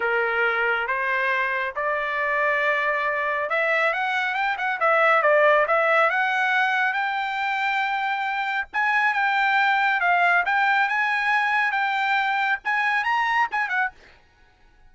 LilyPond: \new Staff \with { instrumentName = "trumpet" } { \time 4/4 \tempo 4 = 138 ais'2 c''2 | d''1 | e''4 fis''4 g''8 fis''8 e''4 | d''4 e''4 fis''2 |
g''1 | gis''4 g''2 f''4 | g''4 gis''2 g''4~ | g''4 gis''4 ais''4 gis''8 fis''8 | }